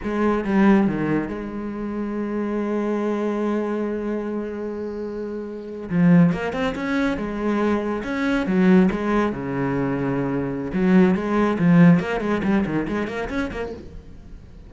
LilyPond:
\new Staff \with { instrumentName = "cello" } { \time 4/4 \tempo 4 = 140 gis4 g4 dis4 gis4~ | gis1~ | gis1~ | gis4.~ gis16 f4 ais8 c'8 cis'16~ |
cis'8. gis2 cis'4 fis16~ | fis8. gis4 cis2~ cis16~ | cis4 fis4 gis4 f4 | ais8 gis8 g8 dis8 gis8 ais8 cis'8 ais8 | }